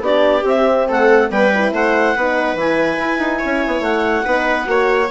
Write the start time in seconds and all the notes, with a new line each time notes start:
0.00 B3 D4 G4 D5
0.44 C4 E5
0.88 A3 A4 F#5
1.30 G3 B3 B4 G5
1.54 E4
1.72 A3 C5 F#5
2.15 B3 D#4 B4
2.55 E3 E4 G#5
2.99 E4
3.18 D#4
3.38 C#4 C#5
3.66 B3
3.81 A3 F#5
4.24 B3 D#4 B4
4.64 A#3 F#4
4.70 C#5